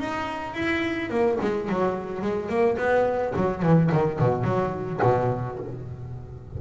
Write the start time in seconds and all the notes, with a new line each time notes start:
0.00 D#4
0.55 E4
1.11 A#3
1.41 G#3
1.69 F#3
2.22 G#3
2.50 A#3
2.78 B3
3.36 F#3
3.63 E3
3.93 D#3
4.20 B2
4.45 F#3
5.03 B2